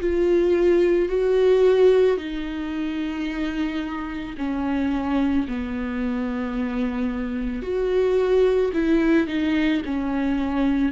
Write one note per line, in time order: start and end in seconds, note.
0.00 1.09 F4
1.09 2.18 F#4
2.18 4.36 D#4
4.38 5.47 C#4
5.48 7.63 B3
7.63 8.72 F#4
8.74 9.28 E4
9.28 9.82 D#4
9.85 10.92 C#4